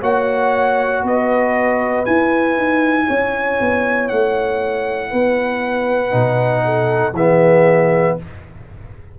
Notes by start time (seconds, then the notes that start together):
0.00 A#3 F#4 C#5 F#5
1.03 B3 B4 D#5
2.05 E4 G#5
2.56 D#4
3.07 C#4 C#5
3.60 B3
4.08 A3 F#5
5.10 B3 B4
6.10 B2 D#4
6.64 A4
7.12 E3 B3 G#4 E5